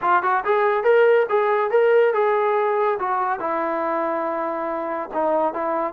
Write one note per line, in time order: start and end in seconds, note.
0.01 0.22 F4
0.22 0.44 F#4
0.44 0.83 G#4
0.83 1.26 A#4
1.29 1.71 G#4
1.71 2.13 A#4
2.13 2.98 G#4
2.99 3.39 F#4
3.39 5.09 E4
5.13 5.53 D#4
5.53 5.93 E4